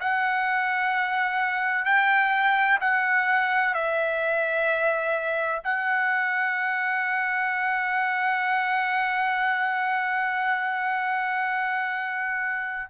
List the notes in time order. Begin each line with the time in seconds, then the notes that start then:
0.00 F#5
1.85 G5
2.81 F#5
3.74 E5
5.64 F#5